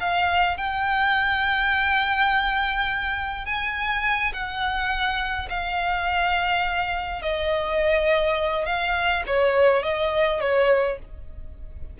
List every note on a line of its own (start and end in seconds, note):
0.00 0.57 F5
0.57 3.46 G5
3.46 4.32 G#5
4.33 5.49 F#5
5.50 7.22 F5
7.22 8.66 D#5
8.66 9.24 F5
9.27 9.83 C#5
9.83 10.41 D#5
10.41 10.98 C#5